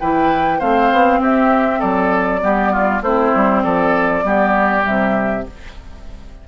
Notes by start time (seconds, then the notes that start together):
0.00 E3 E4 B4 G5
0.59 A3 C4 C5 F5
0.92 B3
1.20 C4 G4 E5
1.79 F#3 A4 D5
2.41 G3 B3 G4
2.73 F4
3.02 A3 C4 E4 C5
3.35 G3
3.63 F3 A4 D5
4.23 G3 B3 G4
4.81 C3 G3 E5